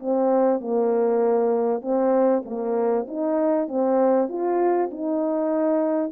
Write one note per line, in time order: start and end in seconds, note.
0.00 0.61 C4
0.61 1.82 A#3
1.82 2.43 C4
2.46 3.07 A#3
3.08 3.68 D#4
3.68 4.29 C4
4.29 4.90 F4
4.91 6.12 D#4